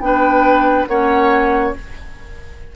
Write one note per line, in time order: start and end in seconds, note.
0.00 0.86 B3
0.00 0.88 D4
0.00 0.89 B4
0.00 0.86 G5
0.88 1.74 A#3
0.88 1.76 C#4
0.88 1.75 C#5
0.88 1.74 F#5